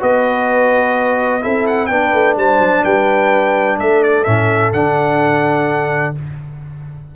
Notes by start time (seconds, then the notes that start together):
0.00 B3 F#4 B4 D#5
1.41 C4 E4 A4 E5
1.67 F#5
1.86 B3 D4 B4 G5
2.13 A3
2.36 G3 C5 A5
2.58 F#3
2.84 G3 B4 G5
3.79 A3 A4 E5
4.03 D5
4.24 A2 C#4 E5
4.73 D3 D4 F#5